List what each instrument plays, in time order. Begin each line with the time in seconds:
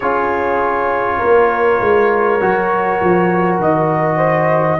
0.00 tuba C#4, trombone F4, horn G#4, trumpet C#5
1.18 tuba A#3, horn A#4
1.80 tuba G#3
2.40 tuba F#3, trombone F#4
3.02 tuba F3
3.58 tuba D#3, trumpet D#5
4.16 horn C5